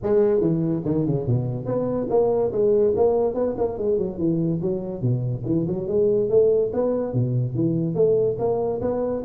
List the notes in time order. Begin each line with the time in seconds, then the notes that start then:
0.02 G#3
0.40 E3
0.84 D#3
1.06 C#3
1.26 B2
1.65 B3
2.09 A#3
2.52 G#3
2.96 A#3
3.34 B3
3.57 A#3
3.77 G#3
3.97 F#3
4.17 E3
4.61 F#3
5.01 B2
5.45 E3
5.67 F#3
5.87 G#3
6.29 A3
6.73 B3
7.13 B2
7.54 E3
7.94 A3
8.38 A#3
8.81 B3